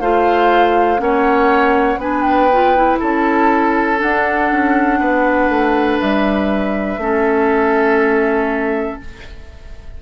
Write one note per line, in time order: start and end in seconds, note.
0.00 0.99 A3
0.00 0.98 F4
0.00 1.00 C5
0.00 0.99 F5
0.98 1.96 A#3
0.98 1.98 C#4
0.98 2.00 C#5
0.98 1.99 F#5
1.96 2.96 B3
1.96 2.50 D4
1.96 2.99 B4
1.96 2.22 G#5
2.22 2.97 G5
2.52 2.76 F4
2.76 3.98 E4
2.99 4.02 C#4
2.99 4.99 A4
2.99 4.01 A5
3.98 6.97 D4
3.98 4.51 D4
3.98 6.00 F#5
4.51 4.99 C#4
4.99 5.49 B3
4.99 7.00 B4
5.49 5.99 A3
6.00 6.97 G3
6.00 9.00 E5
6.97 8.97 A3
6.97 9.00 C#4
6.97 9.02 A4